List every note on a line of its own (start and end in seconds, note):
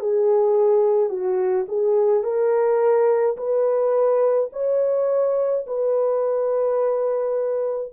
0.00 1.10 G#4
1.10 1.66 F#4
1.68 2.23 G#4
2.23 3.37 A#4
3.37 4.50 B4
4.53 5.66 C#5
5.67 7.93 B4